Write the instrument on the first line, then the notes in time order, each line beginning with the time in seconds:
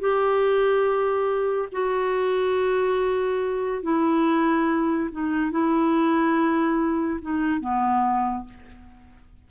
clarinet
0.00 G4
1.72 F#4
3.83 E4
5.12 D#4
5.51 E4
7.22 D#4
7.61 B3